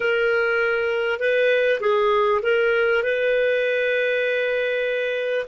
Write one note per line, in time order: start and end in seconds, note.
0.00 1.19 A#4
1.19 1.80 B4
1.80 2.41 G#4
2.42 3.03 A#4
3.03 5.45 B4